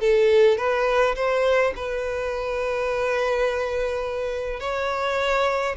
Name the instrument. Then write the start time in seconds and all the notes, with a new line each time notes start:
violin
0.00 A4
0.58 B4
1.16 C5
1.76 B4
4.60 C#5